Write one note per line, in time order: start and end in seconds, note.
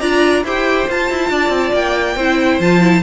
0.00 0.44 D4
0.00 0.45 F4
0.00 0.44 D5
0.00 0.43 A#5
0.44 0.87 E4
0.44 0.89 G4
0.44 1.30 C5
0.44 0.90 G5
0.89 2.18 F4
0.89 1.10 F4
0.89 1.75 A5
1.10 1.30 E4
1.30 1.49 D4
1.30 2.17 D5
1.49 1.71 C4
1.73 2.16 A#3
1.73 2.61 G5
2.16 2.59 C4
2.16 2.62 E4
2.16 3.03 C5
2.60 3.03 F3
2.60 2.81 F4
2.60 3.03 A5
2.81 3.03 E4